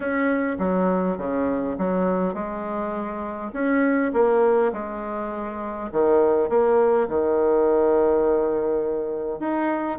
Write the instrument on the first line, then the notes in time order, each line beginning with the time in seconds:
bassoon
0.00 C#4
0.59 F#3
1.17 C#3
1.78 F#3
2.34 G#3
3.53 C#4
4.13 A#3
4.72 G#3
5.92 D#3
6.49 A#3
7.08 D#3
9.39 D#4